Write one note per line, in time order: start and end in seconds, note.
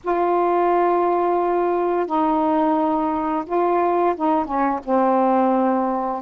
0.03 2.06 F4
2.06 3.44 D#4
3.45 4.14 F4
4.16 4.45 D#4
4.45 4.79 C#4
4.84 6.22 C4